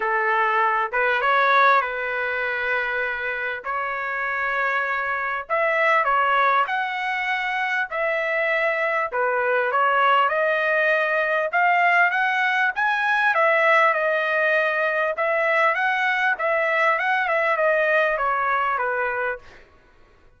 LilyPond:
\new Staff \with { instrumentName = "trumpet" } { \time 4/4 \tempo 4 = 99 a'4. b'8 cis''4 b'4~ | b'2 cis''2~ | cis''4 e''4 cis''4 fis''4~ | fis''4 e''2 b'4 |
cis''4 dis''2 f''4 | fis''4 gis''4 e''4 dis''4~ | dis''4 e''4 fis''4 e''4 | fis''8 e''8 dis''4 cis''4 b'4 | }